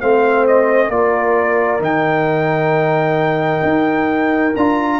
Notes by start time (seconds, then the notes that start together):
0.00 A3 C4 C5 F5
0.47 D#5
0.89 A#3 F4 A#4 D5
1.79 D#3 D#4 G5
3.63 D#4
4.56 D4 F4 A#5